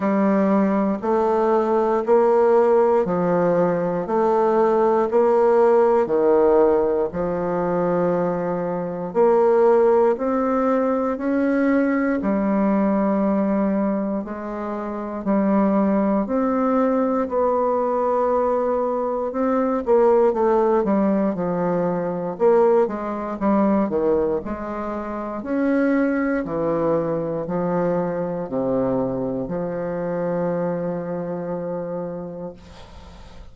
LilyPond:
\new Staff \with { instrumentName = "bassoon" } { \time 4/4 \tempo 4 = 59 g4 a4 ais4 f4 | a4 ais4 dis4 f4~ | f4 ais4 c'4 cis'4 | g2 gis4 g4 |
c'4 b2 c'8 ais8 | a8 g8 f4 ais8 gis8 g8 dis8 | gis4 cis'4 e4 f4 | c4 f2. | }